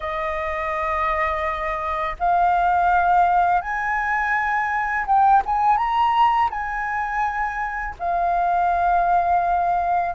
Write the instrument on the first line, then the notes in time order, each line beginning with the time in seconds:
flute
0.00 D#5
2.19 F5
3.61 G#5
5.06 G5
5.45 G#5
5.77 A#5
6.50 G#5
7.99 F5